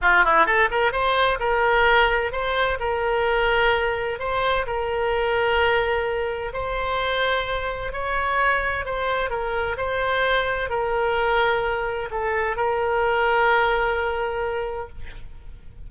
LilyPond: \new Staff \with { instrumentName = "oboe" } { \time 4/4 \tempo 4 = 129 f'8 e'8 a'8 ais'8 c''4 ais'4~ | ais'4 c''4 ais'2~ | ais'4 c''4 ais'2~ | ais'2 c''2~ |
c''4 cis''2 c''4 | ais'4 c''2 ais'4~ | ais'2 a'4 ais'4~ | ais'1 | }